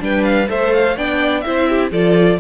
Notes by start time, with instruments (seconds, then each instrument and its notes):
0.00 cello G3, viola D4, violin B4 G5
0.25 violin F5
0.48 cello A3, viola A4, violin C5 E5
0.74 violin F5
0.97 cello B3, viola D4, violin D5 G5
1.41 cello C4, viola E4, violin C5 E5
1.69 violin G4
1.92 cello F3, viola F4, violin A4 D5